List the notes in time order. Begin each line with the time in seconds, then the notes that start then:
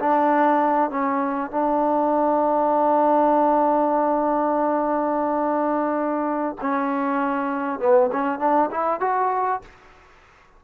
0.00 D4
0.91 C#4
1.51 D4
6.61 C#4
7.80 B3
8.13 C#4
8.39 D4
8.71 E4
9.01 F#4